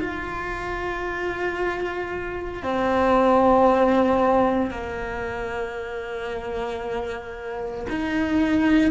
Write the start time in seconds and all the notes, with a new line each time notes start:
0.00 F4
2.63 C4
4.71 A#3
7.89 D#4